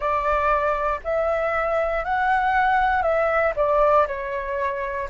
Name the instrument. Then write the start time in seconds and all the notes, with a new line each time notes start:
flute
0.00 D5
1.04 E5
2.04 F#5
3.02 E5
3.56 D5
4.07 C#5